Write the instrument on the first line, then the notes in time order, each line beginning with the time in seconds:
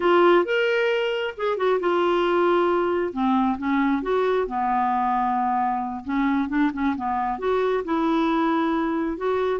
clarinet
0.00 F4
0.45 A#4
1.37 G#4
1.57 F#4
1.80 F4
3.12 C4
3.58 C#4
4.02 F#4
4.47 B3
6.04 C#4
6.48 D4
6.73 C#4
6.96 B3
7.38 F#4
7.84 E4
9.17 F#4